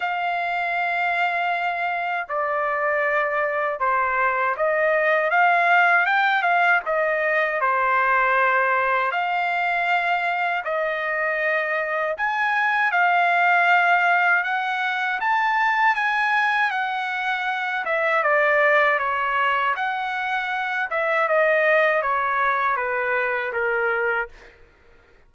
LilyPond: \new Staff \with { instrumentName = "trumpet" } { \time 4/4 \tempo 4 = 79 f''2. d''4~ | d''4 c''4 dis''4 f''4 | g''8 f''8 dis''4 c''2 | f''2 dis''2 |
gis''4 f''2 fis''4 | a''4 gis''4 fis''4. e''8 | d''4 cis''4 fis''4. e''8 | dis''4 cis''4 b'4 ais'4 | }